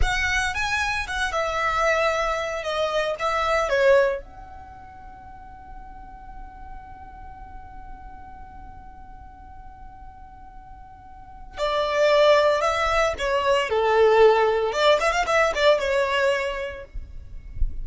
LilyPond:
\new Staff \with { instrumentName = "violin" } { \time 4/4 \tempo 4 = 114 fis''4 gis''4 fis''8 e''4.~ | e''4 dis''4 e''4 cis''4 | fis''1~ | fis''1~ |
fis''1~ | fis''2 d''2 | e''4 cis''4 a'2 | d''8 e''16 f''16 e''8 d''8 cis''2 | }